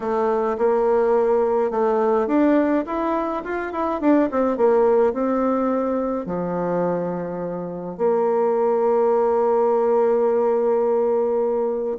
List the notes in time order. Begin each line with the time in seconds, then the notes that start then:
0.00 A3
0.57 A#3
1.70 A3
2.27 D4
2.86 E4
3.44 F4
3.72 E4
4.00 D4
4.31 C4
4.57 A#3
5.13 C4
6.26 F3
7.97 A#3